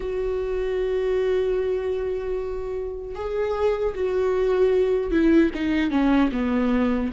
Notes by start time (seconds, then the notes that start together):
0.00 F#4
3.15 G#4
3.95 F#4
5.11 E4
5.54 D#4
5.90 C#4
6.32 B3